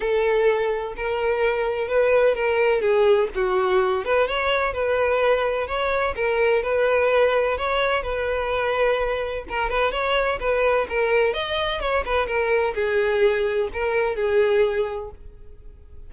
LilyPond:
\new Staff \with { instrumentName = "violin" } { \time 4/4 \tempo 4 = 127 a'2 ais'2 | b'4 ais'4 gis'4 fis'4~ | fis'8 b'8 cis''4 b'2 | cis''4 ais'4 b'2 |
cis''4 b'2. | ais'8 b'8 cis''4 b'4 ais'4 | dis''4 cis''8 b'8 ais'4 gis'4~ | gis'4 ais'4 gis'2 | }